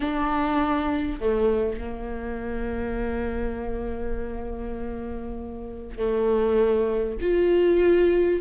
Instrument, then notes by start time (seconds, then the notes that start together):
viola
0.00 D4
1.19 A3
1.78 A#3
5.97 A3
7.21 F4